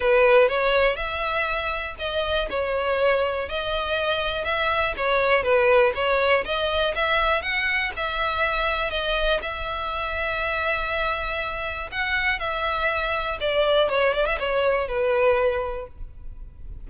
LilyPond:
\new Staff \with { instrumentName = "violin" } { \time 4/4 \tempo 4 = 121 b'4 cis''4 e''2 | dis''4 cis''2 dis''4~ | dis''4 e''4 cis''4 b'4 | cis''4 dis''4 e''4 fis''4 |
e''2 dis''4 e''4~ | e''1 | fis''4 e''2 d''4 | cis''8 d''16 e''16 cis''4 b'2 | }